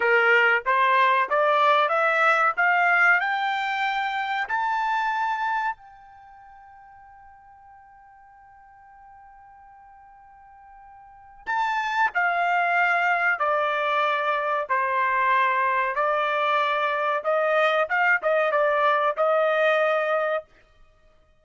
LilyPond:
\new Staff \with { instrumentName = "trumpet" } { \time 4/4 \tempo 4 = 94 ais'4 c''4 d''4 e''4 | f''4 g''2 a''4~ | a''4 g''2.~ | g''1~ |
g''2 a''4 f''4~ | f''4 d''2 c''4~ | c''4 d''2 dis''4 | f''8 dis''8 d''4 dis''2 | }